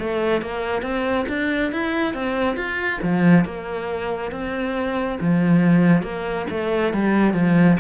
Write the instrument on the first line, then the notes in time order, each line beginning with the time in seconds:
cello
0.00 A3
0.42 A#3
0.82 C4
1.29 D4
1.72 E4
2.14 C4
2.57 F4
3.02 F3
3.45 A#3
4.32 C4
5.21 F3
6.03 A#3
6.50 A3
6.93 G3
7.34 F3